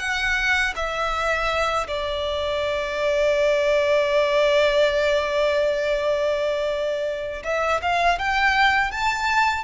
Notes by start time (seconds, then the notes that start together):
0.00 F#5
0.76 E5
1.88 D5
7.44 E5
7.82 F5
8.19 G5
8.92 A5